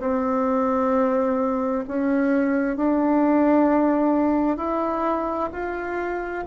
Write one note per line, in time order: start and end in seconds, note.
0.00 1.85 C4
1.88 2.77 C#4
2.77 4.57 D4
4.57 5.50 E4
5.53 6.45 F4